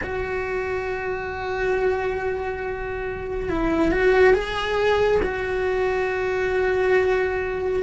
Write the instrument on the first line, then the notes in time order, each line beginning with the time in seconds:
cello
0.02 F#4
3.49 E4
3.91 F#4
4.33 G#4
5.22 F#4